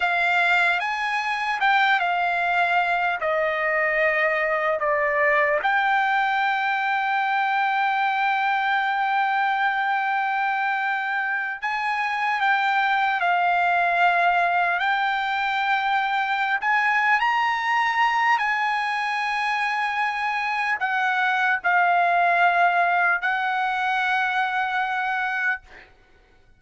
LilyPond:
\new Staff \with { instrumentName = "trumpet" } { \time 4/4 \tempo 4 = 75 f''4 gis''4 g''8 f''4. | dis''2 d''4 g''4~ | g''1~ | g''2~ g''8 gis''4 g''8~ |
g''8 f''2 g''4.~ | g''8. gis''8. ais''4. gis''4~ | gis''2 fis''4 f''4~ | f''4 fis''2. | }